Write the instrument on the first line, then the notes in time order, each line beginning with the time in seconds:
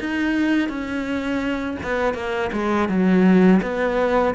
cello
0.00 D#4
0.69 C#4
1.83 B3
2.14 A#3
2.52 G#3
2.88 F#3
3.62 B3